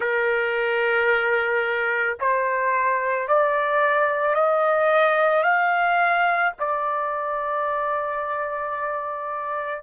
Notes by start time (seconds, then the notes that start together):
0.00 A#4
2.20 C5
3.28 D5
4.34 D#5
5.42 F5
6.59 D5